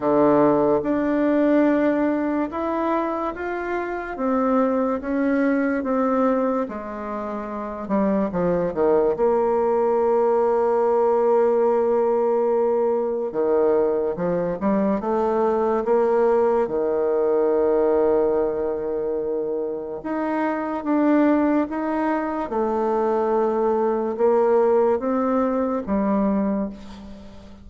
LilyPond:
\new Staff \with { instrumentName = "bassoon" } { \time 4/4 \tempo 4 = 72 d4 d'2 e'4 | f'4 c'4 cis'4 c'4 | gis4. g8 f8 dis8 ais4~ | ais1 |
dis4 f8 g8 a4 ais4 | dis1 | dis'4 d'4 dis'4 a4~ | a4 ais4 c'4 g4 | }